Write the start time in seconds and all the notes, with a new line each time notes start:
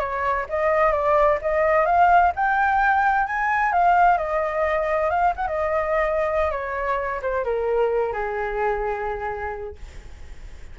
0.00 C#5
0.50 D#5
0.92 D5
1.42 D#5
1.86 F5
2.36 G5
3.27 G#5
3.73 F5
4.18 D#5
5.11 F5
5.36 F#5
5.47 D#5
6.52 C#5
7.22 C5
7.45 A#4
8.13 G#4